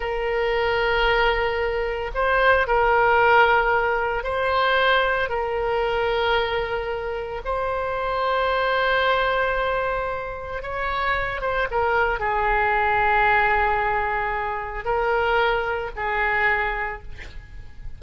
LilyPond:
\new Staff \with { instrumentName = "oboe" } { \time 4/4 \tempo 4 = 113 ais'1 | c''4 ais'2. | c''2 ais'2~ | ais'2 c''2~ |
c''1 | cis''4. c''8 ais'4 gis'4~ | gis'1 | ais'2 gis'2 | }